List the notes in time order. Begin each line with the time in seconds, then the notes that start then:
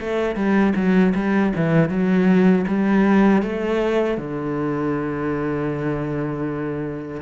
0.00 A3
0.36 G3
0.76 F#3
1.15 G3
1.56 E3
1.89 F#3
2.68 G3
3.42 A3
4.18 D3